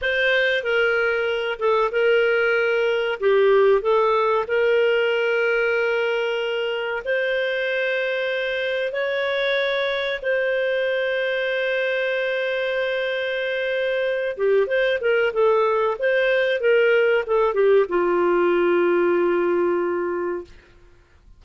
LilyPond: \new Staff \with { instrumentName = "clarinet" } { \time 4/4 \tempo 4 = 94 c''4 ais'4. a'8 ais'4~ | ais'4 g'4 a'4 ais'4~ | ais'2. c''4~ | c''2 cis''2 |
c''1~ | c''2~ c''8 g'8 c''8 ais'8 | a'4 c''4 ais'4 a'8 g'8 | f'1 | }